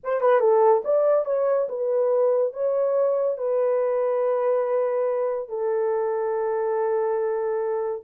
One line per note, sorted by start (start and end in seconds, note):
0.03 0.21 C5
0.21 0.40 B4
0.40 0.82 A4
0.84 1.25 D5
1.25 1.67 C#5
1.68 2.53 B4
2.53 3.37 C#5
3.37 5.48 B4
5.48 8.02 A4